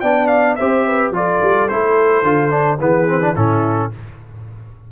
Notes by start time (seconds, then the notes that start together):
0.00 B3 D4 D5 G5
0.27 F5
0.55 C4 G4 C5 E5
0.86 B4
1.11 F3 F4 A4 D5
1.42 G3
1.68 A3 E4 C5
2.23 D3 F4
2.50 D4
2.80 E3 B3 G#4 B4
3.07 C4
3.21 D4
3.35 A2 C#4 E4 A4